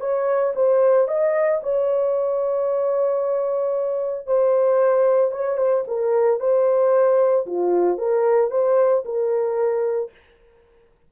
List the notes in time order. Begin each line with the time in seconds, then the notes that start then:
0.00 C#5
0.55 C5
1.08 D#5
1.63 C#5
4.26 C5
5.31 C#5
5.57 C5
5.87 A#4
6.39 C5
7.46 F4
7.98 A#4
8.51 C5
9.05 A#4